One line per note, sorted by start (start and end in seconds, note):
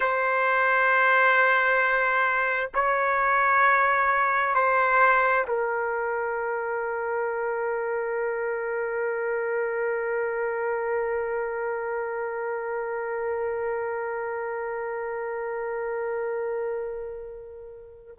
0.00 2.70 C5
2.74 4.55 C#5
4.55 5.45 C5
5.47 18.18 A#4